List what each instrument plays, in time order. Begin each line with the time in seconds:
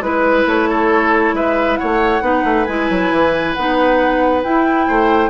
0.00 bassoon G#3, clarinet E4, flute B4, oboe B4
0.47 bassoon A3, flute C#5
0.69 oboe A4
1.33 bassoon G#3, oboe B4, flute E5
1.77 bassoon A3, oboe C#5, flute F#5
2.21 bassoon B3, clarinet D#4, oboe B4
2.45 bassoon A3
2.65 bassoon G#3, clarinet E4, flute G#5
2.90 bassoon F#3
3.11 bassoon E3
3.54 bassoon B3, clarinet D#4, flute F#5
4.43 clarinet E4, bassoon E4, flute G5
4.88 bassoon A3, oboe C5